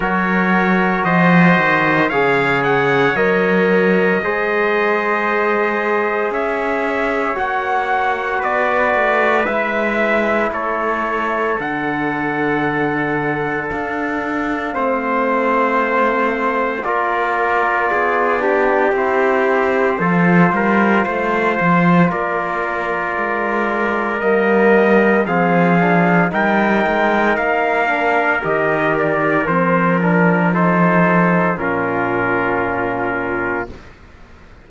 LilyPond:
<<
  \new Staff \with { instrumentName = "trumpet" } { \time 4/4 \tempo 4 = 57 cis''4 dis''4 f''8 fis''8 dis''4~ | dis''2 e''4 fis''4 | d''4 e''4 cis''4 fis''4~ | fis''4 f''2. |
d''2 c''2~ | c''4 d''2 dis''4 | f''4 g''4 f''4 dis''8 d''8 | c''8 ais'8 c''4 ais'2 | }
  \new Staff \with { instrumentName = "trumpet" } { \time 4/4 ais'4 c''4 cis''2 | c''2 cis''2 | b'2 a'2~ | a'2 c''2 |
ais'4 gis'8 g'4. a'8 ais'8 | c''4 ais'2. | gis'4 ais'2.~ | ais'4 a'4 f'2 | }
  \new Staff \with { instrumentName = "trombone" } { \time 4/4 fis'2 gis'4 ais'4 | gis'2. fis'4~ | fis'4 e'2 d'4~ | d'2 c'2 |
f'4. d'8 e'4 f'4~ | f'2. ais4 | c'8 d'8 dis'4. d'8 g'4 | c'8 d'8 dis'4 cis'2 | }
  \new Staff \with { instrumentName = "cello" } { \time 4/4 fis4 f8 dis8 cis4 fis4 | gis2 cis'4 ais4 | b8 a8 gis4 a4 d4~ | d4 d'4 a2 |
ais4 b4 c'4 f8 g8 | a8 f8 ais4 gis4 g4 | f4 g8 gis8 ais4 dis4 | f2 ais,2 | }
>>